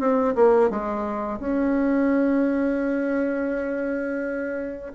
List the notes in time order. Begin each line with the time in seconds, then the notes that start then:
0.00 C4
0.36 A#3
0.70 G#3
1.40 C#4